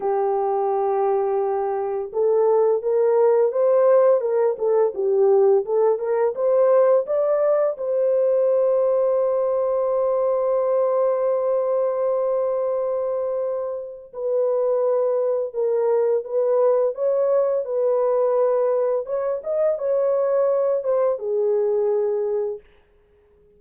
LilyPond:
\new Staff \with { instrumentName = "horn" } { \time 4/4 \tempo 4 = 85 g'2. a'4 | ais'4 c''4 ais'8 a'8 g'4 | a'8 ais'8 c''4 d''4 c''4~ | c''1~ |
c''1 | b'2 ais'4 b'4 | cis''4 b'2 cis''8 dis''8 | cis''4. c''8 gis'2 | }